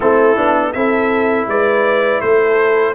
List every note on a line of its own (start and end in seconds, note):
0.00 0.37 A3
0.00 0.36 C4
0.00 0.73 E4
0.00 0.72 A4
0.36 0.74 B3
0.36 0.73 D4
0.72 1.47 C4
0.72 2.94 E4
0.72 1.49 A4
0.72 1.46 E5
1.47 2.21 G#3
1.47 2.23 B4
1.47 2.21 D5
2.21 2.94 A3
2.21 2.94 A4
2.21 2.94 C5